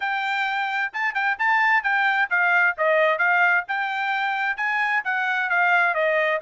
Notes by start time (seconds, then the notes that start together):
0.00 G5
0.93 A5
1.14 G5
1.38 A5
1.83 G5
2.30 F5
2.77 D#5
3.18 F5
3.67 G5
4.57 G#5
5.04 F#5
5.49 F5
5.94 D#5